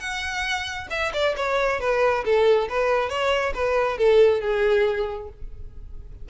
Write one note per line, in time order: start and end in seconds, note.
0.00 0.88 F#5
0.91 1.12 E5
1.14 1.36 D5
1.37 1.81 C#5
1.81 2.24 B4
2.25 2.69 A4
2.69 3.10 B4
3.10 3.53 C#5
3.54 3.98 B4
3.98 4.41 A4
4.41 5.29 G#4